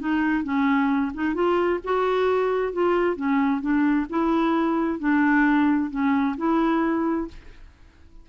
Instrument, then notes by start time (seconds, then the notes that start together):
clarinet
0.00 D#4
0.44 C#4
1.14 D#4
1.35 F4
1.85 F#4
2.73 F4
3.16 C#4
3.61 D4
4.10 E4
5.00 D4
5.91 C#4
6.38 E4